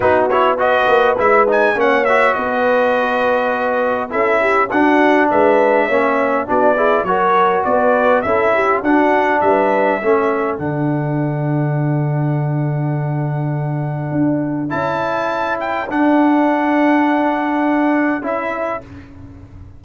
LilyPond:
<<
  \new Staff \with { instrumentName = "trumpet" } { \time 4/4 \tempo 4 = 102 b'8 cis''8 dis''4 e''8 gis''8 fis''8 e''8 | dis''2. e''4 | fis''4 e''2 d''4 | cis''4 d''4 e''4 fis''4 |
e''2 fis''2~ | fis''1~ | fis''4 a''4. g''8 fis''4~ | fis''2. e''4 | }
  \new Staff \with { instrumentName = "horn" } { \time 4/4 fis'4 b'2 cis''4 | b'2. a'8 g'8 | fis'4 b'4 cis''4 fis'8 gis'8 | ais'4 b'4 a'8 g'8 fis'4 |
b'4 a'2.~ | a'1~ | a'1~ | a'1 | }
  \new Staff \with { instrumentName = "trombone" } { \time 4/4 dis'8 e'8 fis'4 e'8 dis'8 cis'8 fis'8~ | fis'2. e'4 | d'2 cis'4 d'8 e'8 | fis'2 e'4 d'4~ |
d'4 cis'4 d'2~ | d'1~ | d'4 e'2 d'4~ | d'2. e'4 | }
  \new Staff \with { instrumentName = "tuba" } { \time 4/4 b4. ais8 gis4 ais4 | b2. cis'4 | d'4 gis4 ais4 b4 | fis4 b4 cis'4 d'4 |
g4 a4 d2~ | d1 | d'4 cis'2 d'4~ | d'2. cis'4 | }
>>